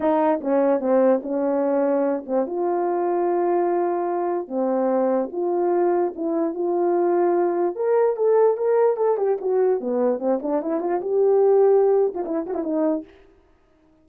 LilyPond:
\new Staff \with { instrumentName = "horn" } { \time 4/4 \tempo 4 = 147 dis'4 cis'4 c'4 cis'4~ | cis'4. c'8 f'2~ | f'2. c'4~ | c'4 f'2 e'4 |
f'2. ais'4 | a'4 ais'4 a'8 g'8 fis'4 | b4 c'8 d'8 e'8 f'8 g'4~ | g'4.~ g'16 f'16 e'8 fis'16 e'16 dis'4 | }